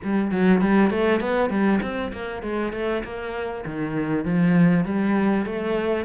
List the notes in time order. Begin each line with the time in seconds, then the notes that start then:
0.03 G3
0.31 F#3
0.61 G3
0.90 A3
1.20 B3
1.50 G3
1.82 C4
2.12 A#3
2.42 G#3
2.72 A3
3.04 A#3
3.65 D#3
4.24 F3
4.85 G3
5.45 A3